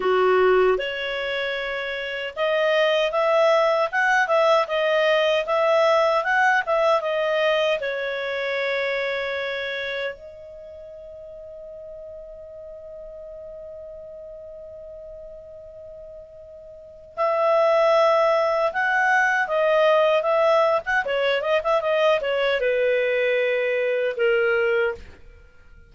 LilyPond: \new Staff \with { instrumentName = "clarinet" } { \time 4/4 \tempo 4 = 77 fis'4 cis''2 dis''4 | e''4 fis''8 e''8 dis''4 e''4 | fis''8 e''8 dis''4 cis''2~ | cis''4 dis''2.~ |
dis''1~ | dis''2 e''2 | fis''4 dis''4 e''8. fis''16 cis''8 dis''16 e''16 | dis''8 cis''8 b'2 ais'4 | }